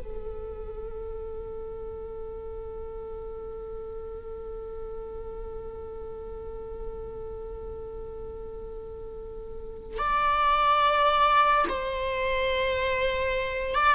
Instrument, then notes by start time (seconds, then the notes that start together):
viola
0.00 A4
9.98 D5
11.69 C5
13.75 D5